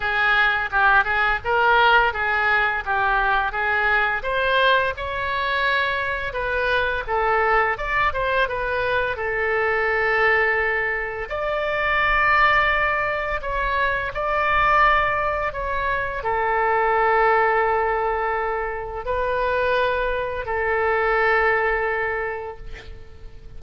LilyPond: \new Staff \with { instrumentName = "oboe" } { \time 4/4 \tempo 4 = 85 gis'4 g'8 gis'8 ais'4 gis'4 | g'4 gis'4 c''4 cis''4~ | cis''4 b'4 a'4 d''8 c''8 | b'4 a'2. |
d''2. cis''4 | d''2 cis''4 a'4~ | a'2. b'4~ | b'4 a'2. | }